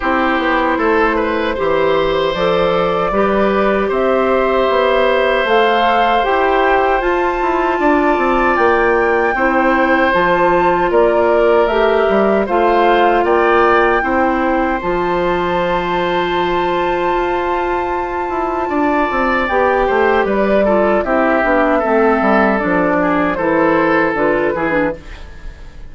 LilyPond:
<<
  \new Staff \with { instrumentName = "flute" } { \time 4/4 \tempo 4 = 77 c''2. d''4~ | d''4 e''2 f''4 | g''4 a''2 g''4~ | g''4 a''4 d''4 e''4 |
f''4 g''2 a''4~ | a''1~ | a''4 g''4 d''4 e''4~ | e''4 d''4 c''4 b'4 | }
  \new Staff \with { instrumentName = "oboe" } { \time 4/4 g'4 a'8 b'8 c''2 | b'4 c''2.~ | c''2 d''2 | c''2 ais'2 |
c''4 d''4 c''2~ | c''1 | d''4. c''8 b'8 a'8 g'4 | a'4. gis'8 a'4. gis'8 | }
  \new Staff \with { instrumentName = "clarinet" } { \time 4/4 e'2 g'4 a'4 | g'2. a'4 | g'4 f'2. | e'4 f'2 g'4 |
f'2 e'4 f'4~ | f'1~ | f'4 g'4. f'8 e'8 d'8 | c'4 d'4 e'4 f'8 e'16 d'16 | }
  \new Staff \with { instrumentName = "bassoon" } { \time 4/4 c'8 b8 a4 e4 f4 | g4 c'4 b4 a4 | e'4 f'8 e'8 d'8 c'8 ais4 | c'4 f4 ais4 a8 g8 |
a4 ais4 c'4 f4~ | f2 f'4. e'8 | d'8 c'8 b8 a8 g4 c'8 b8 | a8 g8 f4 e4 d8 e8 | }
>>